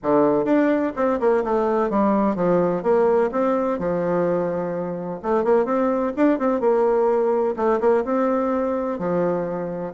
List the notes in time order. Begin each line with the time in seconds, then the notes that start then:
0.02 D3
0.45 D4
0.96 C4
1.19 A#3
1.44 A3
1.90 G3
2.35 F3
2.83 A#3
3.31 C4
3.78 F3
5.22 A3
5.43 A#3
5.65 C4
6.16 D4
6.38 C4
6.60 A#3
7.56 A3
7.80 A#3
8.04 C4
8.98 F3